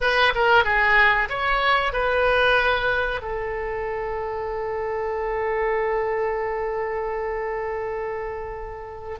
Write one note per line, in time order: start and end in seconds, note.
0.00 0.33 B4
0.35 0.64 A#4
0.64 1.28 G#4
1.29 1.92 C#5
1.92 3.21 B4
3.21 9.18 A4